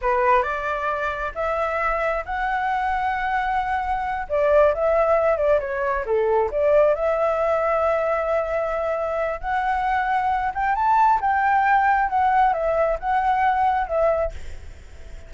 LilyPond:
\new Staff \with { instrumentName = "flute" } { \time 4/4 \tempo 4 = 134 b'4 d''2 e''4~ | e''4 fis''2.~ | fis''4. d''4 e''4. | d''8 cis''4 a'4 d''4 e''8~ |
e''1~ | e''4 fis''2~ fis''8 g''8 | a''4 g''2 fis''4 | e''4 fis''2 e''4 | }